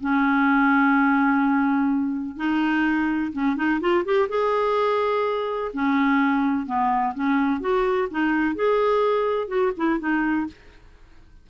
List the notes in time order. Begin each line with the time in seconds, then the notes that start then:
0.00 C#4
2.37 D#4
3.32 C#4
3.56 D#4
3.80 F4
4.05 G4
4.29 G#4
5.73 C#4
6.66 B3
7.14 C#4
7.60 F#4
8.10 D#4
8.55 G#4
9.48 F#4
9.77 E4
9.99 D#4